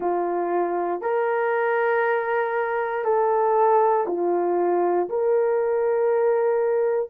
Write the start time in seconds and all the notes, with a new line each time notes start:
0.00 F4
1.01 A#4
3.04 A4
4.07 F4
5.09 A#4